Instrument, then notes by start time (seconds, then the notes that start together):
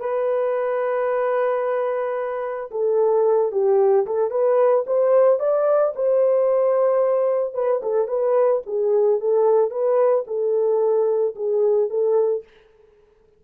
horn
0.00 B4
2.71 A4
3.52 G4
4.06 A4
4.31 B4
4.87 C5
5.40 D5
5.95 C5
7.55 B4
7.83 A4
8.08 B4
8.66 G#4
9.20 A4
9.71 B4
10.27 A4
11.36 G#4
11.90 A4